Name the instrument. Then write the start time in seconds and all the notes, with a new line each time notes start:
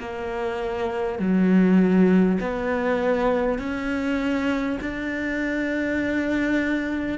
cello
0.00 A#3
1.19 F#3
2.41 B3
3.59 C#4
4.81 D4